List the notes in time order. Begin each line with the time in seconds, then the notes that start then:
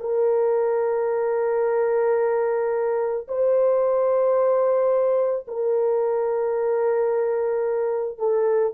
0.00 A#4
3.28 C5
5.48 A#4
8.19 A4